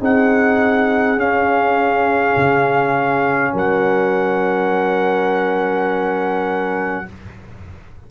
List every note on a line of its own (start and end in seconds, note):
0.00 1.17 C4
0.00 1.18 D#4
0.00 3.53 G#4
0.00 1.20 F#5
1.17 2.34 C#4
1.17 7.06 C#4
1.17 3.55 F5
2.37 3.54 C#3
3.54 7.07 F#3
3.54 7.07 A#4
3.54 7.11 F#5